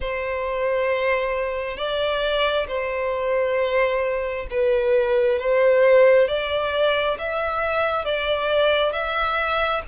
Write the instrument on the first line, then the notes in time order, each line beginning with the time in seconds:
violin
0.00 C5
1.77 D5
2.67 C5
4.50 B4
5.39 C5
6.28 D5
7.18 E5
8.04 D5
8.92 E5